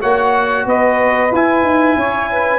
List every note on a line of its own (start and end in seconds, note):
0.00 0.66 A#3
0.00 1.31 F#4
0.00 0.65 C#5
0.00 0.67 F#5
0.66 1.31 B3
0.66 1.97 B4
0.66 1.34 D#5
1.32 1.63 E4
1.32 2.59 E4
1.32 2.59 G#5
1.63 1.95 D#4
1.96 2.59 C#4
1.96 2.30 C#5
2.31 2.59 B4